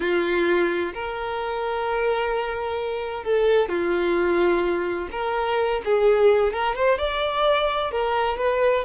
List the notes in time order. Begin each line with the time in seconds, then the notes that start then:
0.00 F4
0.93 A#4
3.23 A4
3.68 F4
5.11 A#4
5.85 G#4
6.52 A#4
6.75 C5
6.98 D5
7.91 A#4
8.37 B4